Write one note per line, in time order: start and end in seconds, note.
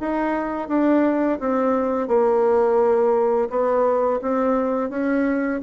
0.00 0.68 D#4
0.68 1.39 D4
1.40 2.08 C4
2.08 3.49 A#3
3.50 4.20 B3
4.22 4.90 C4
4.90 5.61 C#4